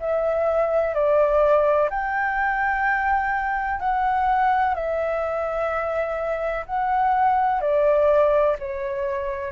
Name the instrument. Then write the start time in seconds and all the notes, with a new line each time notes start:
flute
0.00 E5
0.94 D5
1.90 G5
3.80 F#5
4.75 E5
6.66 F#5
7.61 D5
8.59 C#5